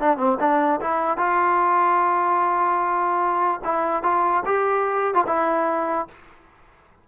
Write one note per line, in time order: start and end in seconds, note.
0.00 0.17 D4
0.17 0.37 C4
0.39 0.80 D4
0.80 1.17 E4
1.17 3.60 F4
3.64 4.03 E4
4.03 4.43 F4
4.45 5.14 G4
5.14 5.24 F4
5.26 6.08 E4